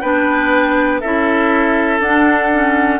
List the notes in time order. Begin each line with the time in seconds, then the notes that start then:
0.00 B3 D4 B4 G5
1.00 C#4 E4 A4 E5
2.00 D4 F#5
2.52 C#4